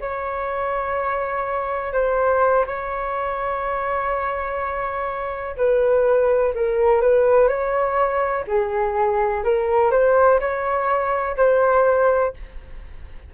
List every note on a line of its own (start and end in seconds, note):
0.00 1.93 C#5
1.93 2.65 C5
2.66 5.56 C#5
5.57 6.54 B4
6.55 7.01 A#4
7.01 7.48 B4
7.48 8.45 C#5
8.47 9.44 G#4
9.44 9.91 A#4
9.91 10.39 C5
10.39 11.36 C#5
11.37 12.33 C5